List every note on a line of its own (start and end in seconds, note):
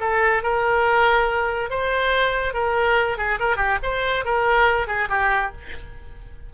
0.00 0.43 A4
0.43 1.70 A#4
1.70 2.54 C5
2.54 3.17 A#4
3.17 3.39 G#4
3.39 3.56 A#4
3.56 3.78 G4
3.83 4.25 C5
4.25 4.87 A#4
4.87 5.08 G#4
5.09 5.51 G4